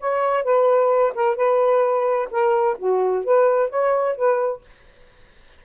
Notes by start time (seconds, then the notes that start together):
0.00 C#5
0.44 B4
1.15 A#4
1.36 B4
2.31 A#4
2.79 F#4
3.25 B4
3.70 C#5
4.16 B4